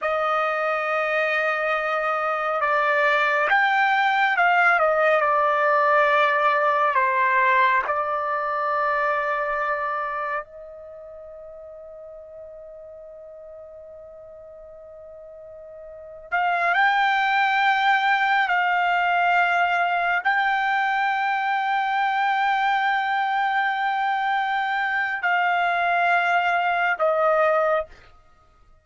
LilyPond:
\new Staff \with { instrumentName = "trumpet" } { \time 4/4 \tempo 4 = 69 dis''2. d''4 | g''4 f''8 dis''8 d''2 | c''4 d''2. | dis''1~ |
dis''2~ dis''8. f''8 g''8.~ | g''4~ g''16 f''2 g''8.~ | g''1~ | g''4 f''2 dis''4 | }